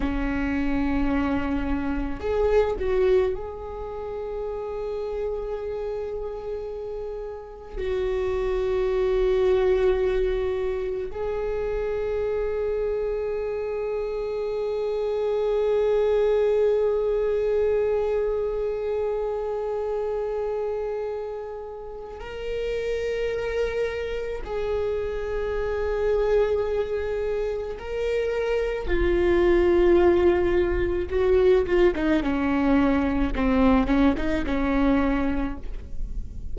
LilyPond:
\new Staff \with { instrumentName = "viola" } { \time 4/4 \tempo 4 = 54 cis'2 gis'8 fis'8 gis'4~ | gis'2. fis'4~ | fis'2 gis'2~ | gis'1~ |
gis'1 | ais'2 gis'2~ | gis'4 ais'4 f'2 | fis'8 f'16 dis'16 cis'4 c'8 cis'16 dis'16 cis'4 | }